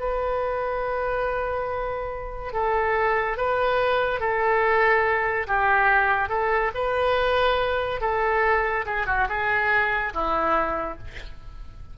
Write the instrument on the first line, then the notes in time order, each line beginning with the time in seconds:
oboe
0.00 B4
2.54 A4
3.38 B4
4.21 A4
5.48 G4
6.29 A4
6.75 B4
8.01 A4
8.86 G#4
9.07 F#4
9.29 G#4
10.14 E4